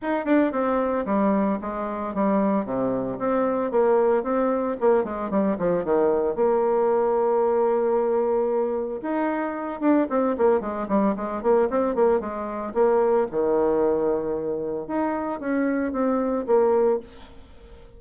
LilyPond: \new Staff \with { instrumentName = "bassoon" } { \time 4/4 \tempo 4 = 113 dis'8 d'8 c'4 g4 gis4 | g4 c4 c'4 ais4 | c'4 ais8 gis8 g8 f8 dis4 | ais1~ |
ais4 dis'4. d'8 c'8 ais8 | gis8 g8 gis8 ais8 c'8 ais8 gis4 | ais4 dis2. | dis'4 cis'4 c'4 ais4 | }